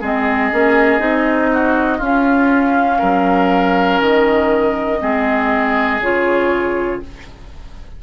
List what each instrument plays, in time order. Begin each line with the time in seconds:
0.00 bassoon G#3, clarinet C4, oboe G#4, flute D#5
0.51 bassoon A#3, clarinet C#4
0.99 bassoon C4, clarinet D#4
1.52 oboe F#4
1.97 bassoon C#4, clarinet C#4, oboe F4, flute F5
2.98 bassoon F#3, oboe A#4
4.01 bassoon D#3, flute D#5
5.00 bassoon G#3, clarinet C4, oboe G#4
6.00 bassoon C#3, clarinet F4, flute C#5